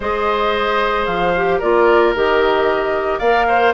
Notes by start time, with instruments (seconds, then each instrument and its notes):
0.00 bassoon G#3, clarinet G#4, oboe C5, flute D#5
1.05 bassoon F3, flute F5
1.36 clarinet G4
1.58 bassoon A#3, clarinet F4, oboe A#4, flute D5
2.14 bassoon D#3, clarinet G4, flute D#5
3.18 bassoon A#3, clarinet A#4, oboe D5, flute F5
3.48 oboe C5